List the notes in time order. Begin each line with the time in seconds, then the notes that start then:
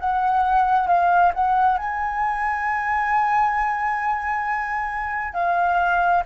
0.00 F#5
0.88 F5
1.34 F#5
1.78 G#5
5.34 F5